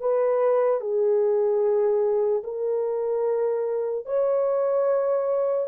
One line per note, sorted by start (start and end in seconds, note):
0.00 0.81 B4
0.81 2.43 G#4
2.44 4.06 A#4
4.06 5.68 C#5